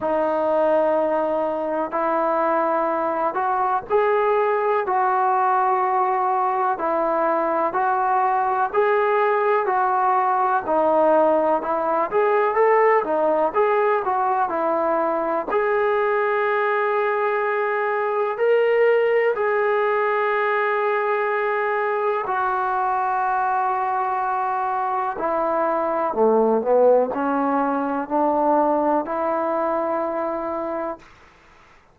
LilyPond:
\new Staff \with { instrumentName = "trombone" } { \time 4/4 \tempo 4 = 62 dis'2 e'4. fis'8 | gis'4 fis'2 e'4 | fis'4 gis'4 fis'4 dis'4 | e'8 gis'8 a'8 dis'8 gis'8 fis'8 e'4 |
gis'2. ais'4 | gis'2. fis'4~ | fis'2 e'4 a8 b8 | cis'4 d'4 e'2 | }